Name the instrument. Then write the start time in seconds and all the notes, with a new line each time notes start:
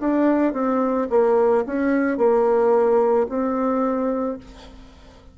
bassoon
0.00 D4
0.53 C4
1.10 A#3
1.66 C#4
2.18 A#3
3.29 C4